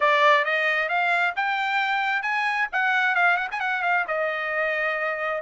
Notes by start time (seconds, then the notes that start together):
0.00 D5
0.44 D#5
0.89 F5
1.36 G5
2.22 G#5
2.72 F#5
3.15 F5
3.36 F#5
3.51 G#5
3.60 F#5
3.82 F5
4.07 D#5